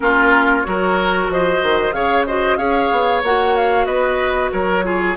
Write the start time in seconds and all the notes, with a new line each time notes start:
0.00 A#3 C#4 F4 A#4
0.61 F#3 F#4 C#5
0.68 A#4
1.28 F3 C5 D#5
1.62 D#3
1.92 C#3 G#4 C#5 F5
2.26 F#4 C5 D#5
2.57 C#4 G#4 C#5 F5
2.91 B3
3.22 A#3 F#4 F#5
3.56 F5
3.85 B3 B4 D#5
4.52 F#3 A#4 C#5
4.83 F4 G#4